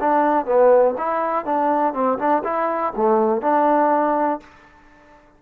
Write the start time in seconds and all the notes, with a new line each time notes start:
0.00 D4
0.46 B3
0.97 E4
1.45 D4
1.94 C4
2.18 D4
2.44 E4
2.96 A3
3.42 D4